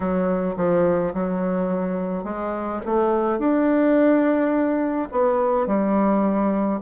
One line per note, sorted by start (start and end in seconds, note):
0.00 0.55 F#3
0.56 1.13 F3
1.14 2.24 F#3
2.24 2.80 G#3
2.85 3.39 A3
3.39 5.08 D4
5.11 5.67 B3
5.67 6.80 G3